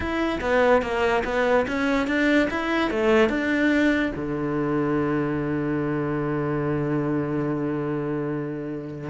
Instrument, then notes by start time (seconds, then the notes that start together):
cello
0.00 E4
0.40 B3
0.81 A#3
1.24 B3
1.67 C#4
2.07 D4
2.50 E4
2.90 A3
3.29 D4
4.15 D3